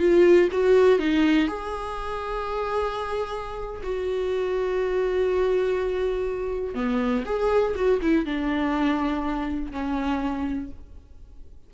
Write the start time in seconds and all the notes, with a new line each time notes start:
0.00 F4
0.52 F#4
0.99 D#4
1.48 G#4
3.83 F#4
6.75 B3
7.26 G#4
7.76 F#4
8.02 E4
8.26 D4
9.72 C#4